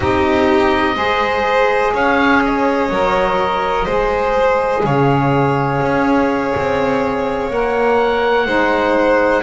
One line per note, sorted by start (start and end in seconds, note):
0.00 0.95 C4
0.00 0.95 D#4
0.00 0.95 G4
0.00 1.94 D#5
0.95 1.92 G#3
0.95 2.89 G#4
0.95 1.93 C5
1.93 2.89 C#4
1.93 3.84 C#5
1.93 2.43 F5
2.44 4.85 D#5
2.89 3.85 F#3
2.89 3.87 A#4
3.84 4.84 G#3
3.84 7.50 G#4
3.84 4.81 C5
4.84 5.80 C#3
4.84 8.46 C#5
4.84 7.51 F5
5.81 6.53 C#4
6.56 7.50 C4
7.50 8.46 A#3
7.50 8.46 A#4
7.50 9.42 F#5
8.46 9.42 G#3
8.46 9.42 D#4
8.46 9.42 C5